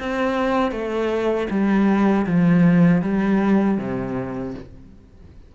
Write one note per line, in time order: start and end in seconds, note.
0.00 0.71 C4
0.71 1.47 A3
1.51 2.26 G3
2.26 3.02 F3
3.02 3.78 G3
3.78 4.54 C3